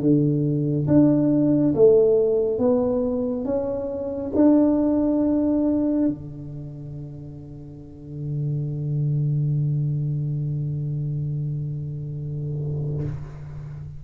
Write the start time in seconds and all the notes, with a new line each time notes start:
0.00 D3
0.87 D4
1.75 A3
2.58 B3
3.45 C#4
4.35 D4
6.08 D3